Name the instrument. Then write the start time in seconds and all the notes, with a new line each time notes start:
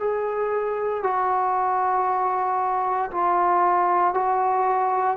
trombone
0.00 G#4
1.03 F#4
3.11 F4
4.14 F#4